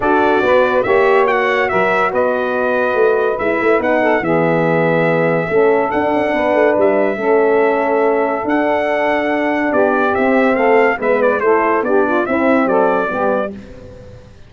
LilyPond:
<<
  \new Staff \with { instrumentName = "trumpet" } { \time 4/4 \tempo 4 = 142 d''2 e''4 fis''4 | e''4 dis''2. | e''4 fis''4 e''2~ | e''2 fis''2 |
e''1 | fis''2. d''4 | e''4 f''4 e''8 d''8 c''4 | d''4 e''4 d''2 | }
  \new Staff \with { instrumentName = "saxophone" } { \time 4/4 a'4 b'4 cis''2 | ais'4 b'2.~ | b'4. a'8 gis'2~ | gis'4 a'2 b'4~ |
b'4 a'2.~ | a'2. g'4~ | g'4 a'4 b'4 a'4 | g'8 f'8 e'4 a'4 g'4 | }
  \new Staff \with { instrumentName = "horn" } { \time 4/4 fis'2 g'4 fis'4~ | fis'1 | e'4 dis'4 b2~ | b4 cis'4 d'2~ |
d'4 cis'2. | d'1 | c'2 b4 e'4 | d'4 c'2 b4 | }
  \new Staff \with { instrumentName = "tuba" } { \time 4/4 d'4 b4 ais2 | fis4 b2 a4 | gis8 a8 b4 e2~ | e4 a4 d'8 cis'8 b8 a8 |
g4 a2. | d'2. b4 | c'4 a4 gis4 a4 | b4 c'4 fis4 g4 | }
>>